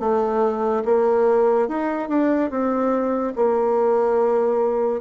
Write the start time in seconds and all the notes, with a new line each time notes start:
0.00 A3
0.85 A#3
1.69 D#4
2.09 D4
2.51 C4
3.36 A#3